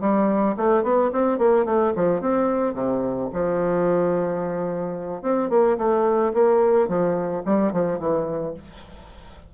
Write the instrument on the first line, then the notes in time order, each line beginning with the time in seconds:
bassoon
0.00 G3
0.56 A3
0.83 B3
1.12 C4
1.38 A#3
1.65 A3
1.95 F3
2.20 C4
2.73 C3
3.32 F3
5.22 C4
5.49 A#3
5.77 A3
6.33 A#3
6.88 F3
7.45 G3
7.72 F3
7.98 E3